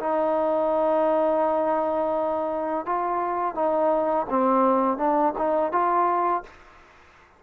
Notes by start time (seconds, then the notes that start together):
0.00 D#4
2.86 F4
3.55 D#4
4.30 C4
4.98 D4
5.39 D#4
5.72 F4